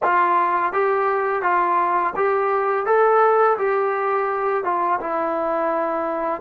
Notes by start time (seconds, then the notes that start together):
0.03 F4
0.72 G4
1.42 F4
2.16 G4
2.86 A4
3.57 G4
4.64 F4
5.00 E4